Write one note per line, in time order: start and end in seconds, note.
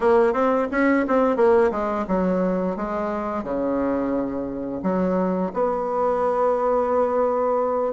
0.00 0.33 A#3
0.33 0.67 C4
0.71 1.05 C#4
1.07 1.36 C4
1.36 1.71 A#3
1.71 2.05 G#3
2.07 2.76 F#3
2.76 3.43 G#3
3.43 4.81 C#3
4.82 5.51 F#3
5.53 7.93 B3